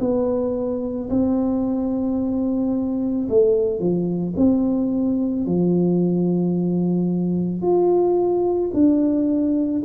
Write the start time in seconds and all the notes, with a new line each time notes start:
0.00 B3
1.10 C4
3.29 A3
3.79 F3
4.37 C4
5.46 F3
7.62 F4
8.73 D4